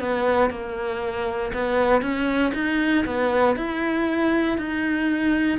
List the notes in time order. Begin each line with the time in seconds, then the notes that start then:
0.00 B3
0.50 A#3
1.53 B3
2.02 C#4
2.54 D#4
3.06 B3
3.56 E4
4.58 D#4